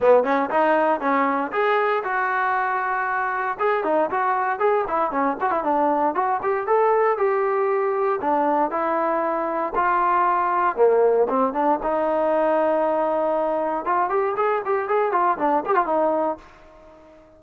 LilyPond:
\new Staff \with { instrumentName = "trombone" } { \time 4/4 \tempo 4 = 117 b8 cis'8 dis'4 cis'4 gis'4 | fis'2. gis'8 dis'8 | fis'4 gis'8 e'8 cis'8 fis'16 e'16 d'4 | fis'8 g'8 a'4 g'2 |
d'4 e'2 f'4~ | f'4 ais4 c'8 d'8 dis'4~ | dis'2. f'8 g'8 | gis'8 g'8 gis'8 f'8 d'8 g'16 f'16 dis'4 | }